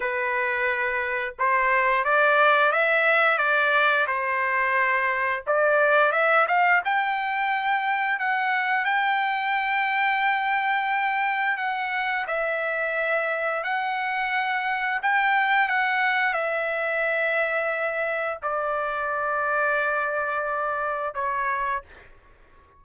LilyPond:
\new Staff \with { instrumentName = "trumpet" } { \time 4/4 \tempo 4 = 88 b'2 c''4 d''4 | e''4 d''4 c''2 | d''4 e''8 f''8 g''2 | fis''4 g''2.~ |
g''4 fis''4 e''2 | fis''2 g''4 fis''4 | e''2. d''4~ | d''2. cis''4 | }